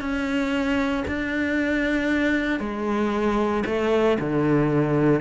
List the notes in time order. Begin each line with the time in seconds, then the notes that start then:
0.00 C#4
1.07 D4
2.60 G#3
3.66 A3
4.20 D3